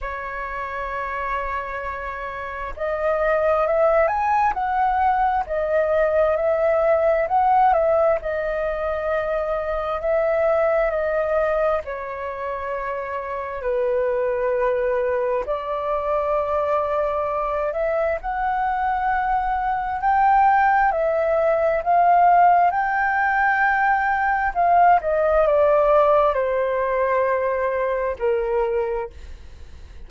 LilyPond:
\new Staff \with { instrumentName = "flute" } { \time 4/4 \tempo 4 = 66 cis''2. dis''4 | e''8 gis''8 fis''4 dis''4 e''4 | fis''8 e''8 dis''2 e''4 | dis''4 cis''2 b'4~ |
b'4 d''2~ d''8 e''8 | fis''2 g''4 e''4 | f''4 g''2 f''8 dis''8 | d''4 c''2 ais'4 | }